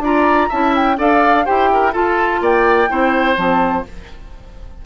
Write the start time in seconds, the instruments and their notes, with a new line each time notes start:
0.00 bassoon D4, clarinet F4, oboe D5, flute A#5
0.49 bassoon C#4, clarinet E4, oboe E5, flute A5
0.76 flute G5
0.97 bassoon D4, clarinet A4, oboe D5, flute F5
1.45 bassoon E4, clarinet G4, oboe C5, flute G5
1.73 oboe A#4
1.92 clarinet F4, bassoon F4, oboe A4, flute A5
2.41 bassoon A#3, oboe D5, flute G5
2.89 bassoon C4, clarinet E4, oboe C5
3.36 bassoon F3, clarinet C4, flute A5